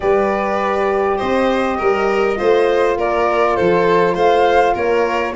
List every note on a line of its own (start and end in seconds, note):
0.00 1.20 G3
0.00 2.36 G4
0.00 1.17 B4
0.00 1.17 D5
1.17 1.80 C4
1.17 1.76 C5
1.17 2.96 D#5
1.78 2.39 G3
1.78 2.37 A#4
2.36 2.97 A3
2.36 5.33 F4
2.36 2.97 C5
2.97 3.56 A#3
2.97 3.56 A#4
2.97 3.55 D5
3.55 4.15 F3
3.55 4.14 A4
3.55 4.15 C5
4.14 4.74 A3
4.14 4.73 C5
4.14 4.76 F5
4.74 5.35 A#3
4.74 5.34 A#4
4.74 5.35 C#5